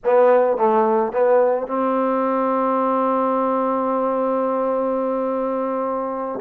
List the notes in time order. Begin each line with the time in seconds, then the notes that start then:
0.04 B3
0.57 A3
1.12 B3
1.67 C4